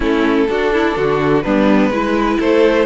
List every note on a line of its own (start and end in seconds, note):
0.00 0.48 A3
0.00 0.46 C#4
0.00 0.47 E4
0.00 1.41 A4
0.49 0.96 D4
0.49 1.45 D4
0.49 0.73 F#4
0.73 0.96 E4
0.96 1.44 D3
0.96 1.44 F#4
1.41 1.89 G3
1.41 1.92 B3
1.41 1.92 D4
1.41 2.37 B4
1.89 2.37 G#3
1.89 2.85 E4
1.89 2.39 B4
2.39 2.85 A3
2.39 2.85 A4
2.39 2.85 C5